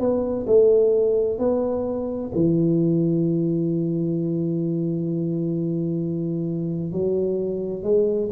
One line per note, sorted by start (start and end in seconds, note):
0.00 0.46 B3
0.47 1.39 A3
1.39 2.31 B3
2.35 6.92 E3
6.92 7.83 F#3
7.83 8.30 G#3